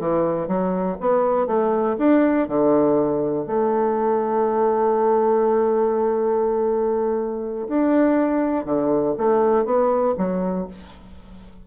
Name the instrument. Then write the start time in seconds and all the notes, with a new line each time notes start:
bassoon
0.00 E3
0.48 F#3
1.01 B3
1.47 A3
1.99 D4
2.48 D3
3.46 A3
7.68 D4
8.65 D3
9.18 A3
9.66 B3
10.18 F#3